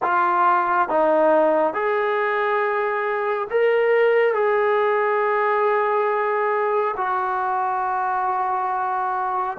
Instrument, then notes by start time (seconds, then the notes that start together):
trombone
0.02 F4
0.89 D#4
1.73 G#4
3.50 A#4
4.34 G#4
6.96 F#4